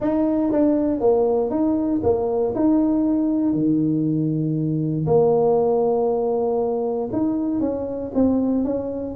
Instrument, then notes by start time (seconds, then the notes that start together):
tuba
0.00 D#4
0.51 D4
1.00 A#3
1.50 D#4
2.03 A#3
2.55 D#4
3.53 D#3
5.06 A#3
7.12 D#4
7.60 C#4
8.14 C4
8.64 C#4